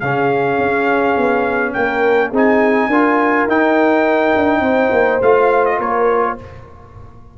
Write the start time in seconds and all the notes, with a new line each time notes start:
0.00 C#3 C#4 G#4 F5
0.58 C#4
1.17 B3
1.73 A#3 A#4 G5
2.31 C4 D#4 G#4
2.37 G#5
2.88 D4 F4 A#4
3.47 D#4 G5
4.36 D4
4.60 C4 C5
4.91 A#3
5.21 A3 F4 F5
5.65 D#5
5.78 A#3 A#4 C#5